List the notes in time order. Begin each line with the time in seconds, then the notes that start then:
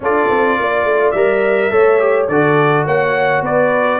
0.00 D4 F4 A4 D5
0.30 C4
0.58 A#3 D5
0.84 A3
1.11 G3 A#4 E5
1.71 A3 A4 C#5
1.99 G4
2.28 D3 F#4 A4 D5
2.85 A#3 C#5 F#5
3.41 B3 B4 D5